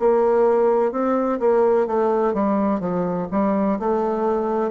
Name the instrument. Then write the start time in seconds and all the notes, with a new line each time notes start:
bassoon
0.00 A#3
0.92 C4
1.40 A#3
1.87 A3
2.34 G3
2.80 F3
3.31 G3
3.79 A3